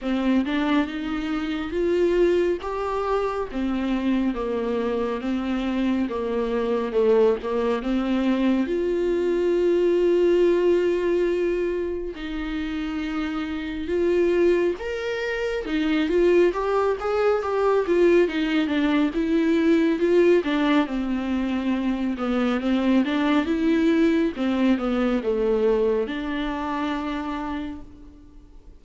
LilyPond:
\new Staff \with { instrumentName = "viola" } { \time 4/4 \tempo 4 = 69 c'8 d'8 dis'4 f'4 g'4 | c'4 ais4 c'4 ais4 | a8 ais8 c'4 f'2~ | f'2 dis'2 |
f'4 ais'4 dis'8 f'8 g'8 gis'8 | g'8 f'8 dis'8 d'8 e'4 f'8 d'8 | c'4. b8 c'8 d'8 e'4 | c'8 b8 a4 d'2 | }